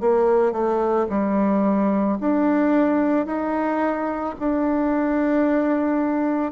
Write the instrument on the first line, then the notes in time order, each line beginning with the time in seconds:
bassoon
0.00 A#3
0.52 A3
1.09 G3
2.20 D4
3.26 D#4
4.39 D4